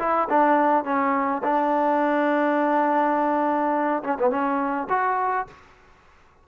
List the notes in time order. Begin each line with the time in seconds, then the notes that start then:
0.00 E4
0.30 D4
0.85 C#4
1.44 D4
4.04 C#4
4.20 B3
4.31 C#4
4.90 F#4